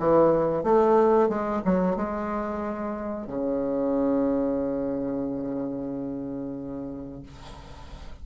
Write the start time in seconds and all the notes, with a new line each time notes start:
0.00 E3
0.64 A3
1.29 G#3
1.66 F#3
1.97 G#3
3.27 C#3